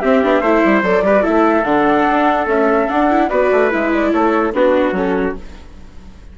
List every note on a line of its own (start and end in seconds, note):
0.00 0.23 C4
0.00 0.41 G4
0.00 0.82 E5
0.23 0.41 B3
0.23 0.44 D4
0.41 0.62 A3
0.41 0.84 E4
0.41 1.03 C5
0.65 0.83 G3
0.83 1.02 F#3
0.83 1.04 A4
0.83 1.24 D5
1.02 1.23 G3
1.02 1.16 G4
1.02 1.22 B4
1.16 1.22 F#4
1.22 1.64 A3
1.22 1.64 E4
1.22 3.28 A4
1.22 1.64 E5
1.64 2.05 D3
1.64 2.46 D4
1.64 2.47 F#5
2.10 2.47 D4
2.46 2.87 A3
2.46 2.88 C#4
2.46 2.89 E5
2.89 3.10 D4
2.89 3.30 D4
2.89 3.29 F#5
3.10 3.30 E4
3.29 3.51 B3
3.29 3.71 F#4
3.29 4.11 B4
3.29 3.70 D5
3.52 3.72 A3
3.71 4.14 G#3
3.71 4.53 E4
3.71 3.92 E5
3.93 4.12 D5
4.12 4.53 A3
4.12 4.55 A4
4.12 4.53 C#5
4.53 4.92 B3
4.53 4.95 D4
4.53 5.38 F#4
4.53 4.96 B4
4.92 5.33 F#3
4.92 5.36 C#4
4.92 5.37 A4